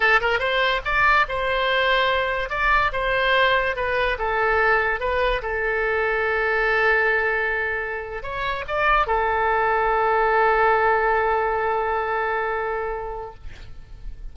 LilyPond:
\new Staff \with { instrumentName = "oboe" } { \time 4/4 \tempo 4 = 144 a'8 ais'8 c''4 d''4 c''4~ | c''2 d''4 c''4~ | c''4 b'4 a'2 | b'4 a'2.~ |
a'2.~ a'8. cis''16~ | cis''8. d''4 a'2~ a'16~ | a'1~ | a'1 | }